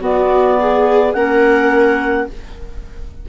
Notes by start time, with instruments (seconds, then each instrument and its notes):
0.00 clarinet B3 D5, bassoon B3, viola F#4
0.60 viola G#4
1.13 bassoon A#3, clarinet C#4 F#5, viola A#4